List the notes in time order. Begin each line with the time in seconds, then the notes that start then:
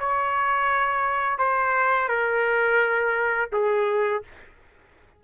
0.00 C#5
1.39 C5
2.09 A#4
3.53 G#4